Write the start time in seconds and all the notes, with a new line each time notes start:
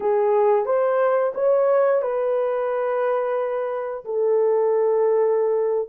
0.00 G#4
0.65 C5
1.34 C#5
2.02 B4
4.04 A4